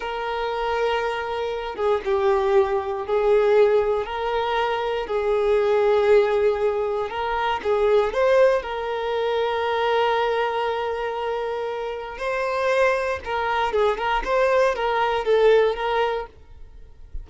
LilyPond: \new Staff \with { instrumentName = "violin" } { \time 4/4 \tempo 4 = 118 ais'2.~ ais'8 gis'8 | g'2 gis'2 | ais'2 gis'2~ | gis'2 ais'4 gis'4 |
c''4 ais'2.~ | ais'1 | c''2 ais'4 gis'8 ais'8 | c''4 ais'4 a'4 ais'4 | }